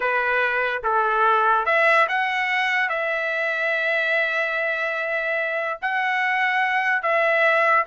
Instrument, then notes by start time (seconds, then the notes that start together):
trumpet
0.00 B4
0.83 A4
1.65 E5
2.08 F#5
2.89 E5
5.81 F#5
7.02 E5